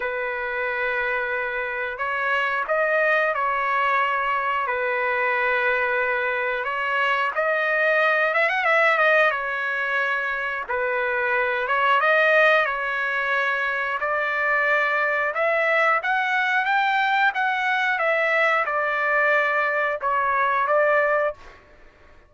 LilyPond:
\new Staff \with { instrumentName = "trumpet" } { \time 4/4 \tempo 4 = 90 b'2. cis''4 | dis''4 cis''2 b'4~ | b'2 cis''4 dis''4~ | dis''8 e''16 fis''16 e''8 dis''8 cis''2 |
b'4. cis''8 dis''4 cis''4~ | cis''4 d''2 e''4 | fis''4 g''4 fis''4 e''4 | d''2 cis''4 d''4 | }